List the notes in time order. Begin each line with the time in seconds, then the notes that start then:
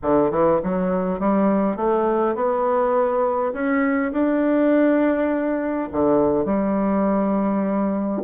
0.02 D3
0.30 E3
0.63 F#3
1.19 G3
1.76 A3
2.35 B3
3.53 C#4
4.12 D4
5.91 D3
6.45 G3